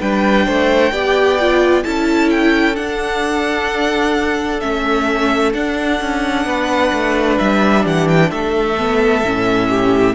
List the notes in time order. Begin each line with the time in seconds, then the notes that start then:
0.00 G3 D4 B4 G5
0.46 A3 C5
0.92 B3 G4 D5
1.41 F4
1.84 C#4 E4 A4 A5
2.30 G5
2.75 D4 F#5
4.61 A3 C#4 E5
5.53 D4 F#5
6.01 C#4
6.46 B3 B4
6.93 A3
7.39 G3 E5
7.83 E3 G4 F#5
8.08 G5
8.30 A3 A4 E5
8.78 B3
9.24 A2 C#4
9.69 G4